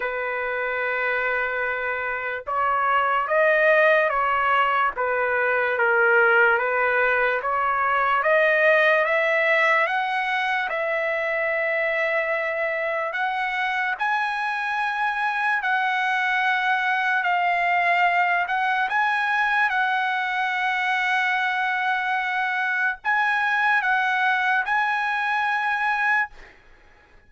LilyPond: \new Staff \with { instrumentName = "trumpet" } { \time 4/4 \tempo 4 = 73 b'2. cis''4 | dis''4 cis''4 b'4 ais'4 | b'4 cis''4 dis''4 e''4 | fis''4 e''2. |
fis''4 gis''2 fis''4~ | fis''4 f''4. fis''8 gis''4 | fis''1 | gis''4 fis''4 gis''2 | }